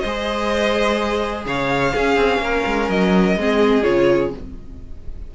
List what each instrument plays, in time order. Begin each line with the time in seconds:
0.00 cello G#3, violin C5 D#5
0.07 viola G#4
1.45 cello C#3, violin C#5 F5
1.94 viola C#4, cello C#4, violin G#4
2.16 cello C4
2.39 cello A#3, violin A#4
2.66 cello G#3
2.89 cello F#3, violin D#5
3.37 cello G#3, viola C4, violin G#4
3.83 cello C#3, viola F4, violin C#5